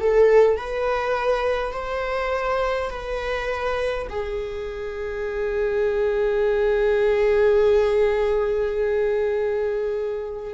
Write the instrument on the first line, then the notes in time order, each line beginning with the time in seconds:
viola
0.00 A4
0.56 B4
1.72 C5
2.90 B4
4.09 G#4